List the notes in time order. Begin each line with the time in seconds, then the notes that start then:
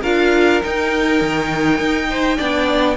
0.00 D4 F4 A#4 F5
0.61 D#4 G5
1.21 D#3
1.79 D#4
2.09 C5
2.37 B3 D4 D5